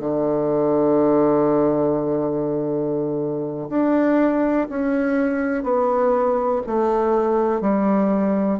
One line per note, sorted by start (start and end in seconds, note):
0.00 3.69 D3
3.70 4.68 D4
4.69 5.64 C#4
5.64 6.62 B3
6.67 7.61 A3
7.61 8.60 G3